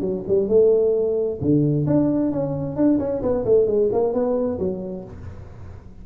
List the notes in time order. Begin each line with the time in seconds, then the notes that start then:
0.00 F#3
0.27 G3
0.48 A3
1.40 D3
1.86 D4
2.31 C#4
2.76 D4
2.99 C#4
3.22 B3
3.45 A3
3.66 G#3
3.92 A#3
4.13 B3
4.58 F#3